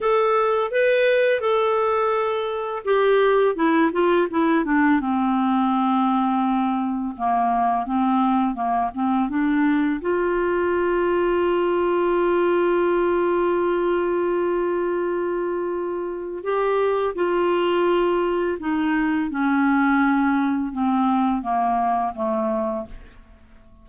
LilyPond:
\new Staff \with { instrumentName = "clarinet" } { \time 4/4 \tempo 4 = 84 a'4 b'4 a'2 | g'4 e'8 f'8 e'8 d'8 c'4~ | c'2 ais4 c'4 | ais8 c'8 d'4 f'2~ |
f'1~ | f'2. g'4 | f'2 dis'4 cis'4~ | cis'4 c'4 ais4 a4 | }